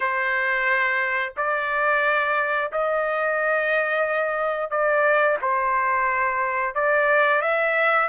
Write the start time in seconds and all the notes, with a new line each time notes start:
0.00 C5
1.36 D5
2.72 D#5
4.70 D5
5.41 C5
6.74 D5
7.41 E5